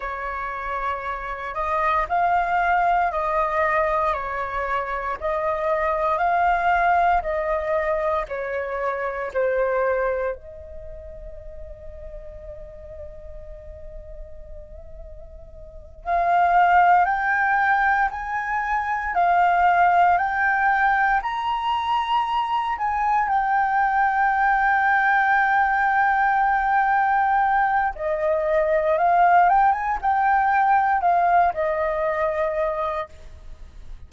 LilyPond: \new Staff \with { instrumentName = "flute" } { \time 4/4 \tempo 4 = 58 cis''4. dis''8 f''4 dis''4 | cis''4 dis''4 f''4 dis''4 | cis''4 c''4 dis''2~ | dis''2.~ dis''8 f''8~ |
f''8 g''4 gis''4 f''4 g''8~ | g''8 ais''4. gis''8 g''4.~ | g''2. dis''4 | f''8 g''16 gis''16 g''4 f''8 dis''4. | }